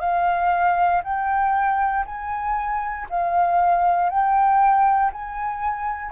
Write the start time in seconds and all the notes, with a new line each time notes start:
0.00 F5
1.04 G5
2.06 G#5
3.10 F5
4.10 G5
5.12 G#5